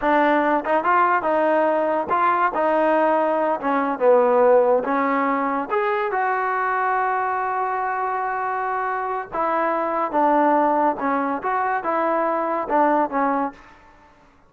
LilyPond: \new Staff \with { instrumentName = "trombone" } { \time 4/4 \tempo 4 = 142 d'4. dis'8 f'4 dis'4~ | dis'4 f'4 dis'2~ | dis'8 cis'4 b2 cis'8~ | cis'4. gis'4 fis'4.~ |
fis'1~ | fis'2 e'2 | d'2 cis'4 fis'4 | e'2 d'4 cis'4 | }